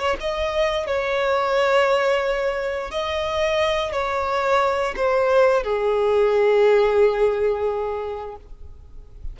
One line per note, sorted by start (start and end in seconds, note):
0.00 0.17 C#5
0.21 0.87 D#5
0.87 2.91 C#5
2.91 3.93 D#5
3.93 4.95 C#5
4.97 5.64 C5
5.64 8.36 G#4